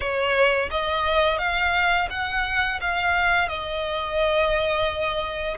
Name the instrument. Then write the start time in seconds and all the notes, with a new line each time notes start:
violin
0.00 C#5
0.70 D#5
1.38 F5
2.10 F#5
2.81 F5
3.48 D#5